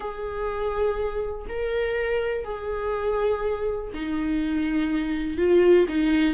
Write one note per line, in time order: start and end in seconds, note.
0.00 1.46 G#4
1.48 2.44 A#4
2.44 3.90 G#4
3.94 5.37 D#4
5.37 5.86 F4
5.88 6.34 D#4